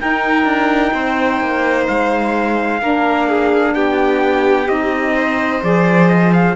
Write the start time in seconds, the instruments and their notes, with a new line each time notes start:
0.00 saxophone D#4, cello D#4, violin A#4, trumpet G5
0.45 cello D4
0.93 cello C4, violin C5
1.41 cello A#3
1.88 cello G#3, trumpet F5
2.80 cello A#3, saxophone D4, violin A#4
3.29 violin G#4
3.75 cello B3, violin G4, trumpet G5
4.68 cello C4, saxophone D#4, trumpet D#5
5.16 violin C5
5.62 cello F3, saxophone G#4, trumpet D5
6.08 trumpet D#5
6.33 trumpet F5